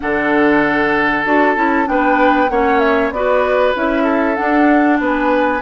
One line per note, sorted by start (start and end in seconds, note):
0.00 1.25 D3
0.00 1.24 D4
0.00 1.89 A4
0.00 1.24 F#5
1.24 1.56 D4
1.24 1.55 F#4
1.24 1.88 A5
1.55 1.87 C#4
1.55 1.85 E4
1.85 2.50 B3
1.85 2.48 D4
1.85 2.51 B4
1.85 2.49 G5
2.49 3.10 A#3
2.49 3.12 C#4
2.49 3.13 C#5
2.49 2.79 F#5
2.79 3.10 E5
3.10 3.73 B3
3.10 3.74 F#4
3.10 4.03 B4
3.10 3.74 D5
3.74 4.38 C#4
3.74 4.35 E4
3.74 4.35 E5
4.03 4.97 A4
4.35 5.60 D4
4.35 5.00 D4
4.35 4.98 F#5
5.00 5.61 B3
5.00 5.61 B4
5.00 5.61 G#5